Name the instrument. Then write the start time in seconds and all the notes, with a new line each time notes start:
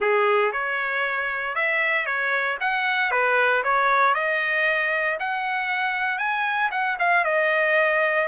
trumpet
0.00 G#4
0.52 C#5
1.55 E5
2.05 C#5
2.60 F#5
3.11 B4
3.63 C#5
4.14 D#5
5.19 F#5
6.18 G#5
6.71 F#5
6.99 F5
7.24 D#5